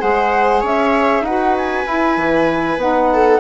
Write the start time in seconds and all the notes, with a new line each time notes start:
0.00 G#3 G#4 C5 F#5
0.61 C#4 C#5 E5
1.22 D#4 F#4 B4 F#5
1.57 G#5
1.86 E4
2.17 E3
2.77 B3 D#4 F#5
3.13 A4